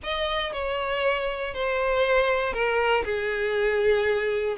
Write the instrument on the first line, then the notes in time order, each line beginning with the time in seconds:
violin
0.03 D#5
0.52 C#5
1.53 C5
2.53 A#4
3.04 G#4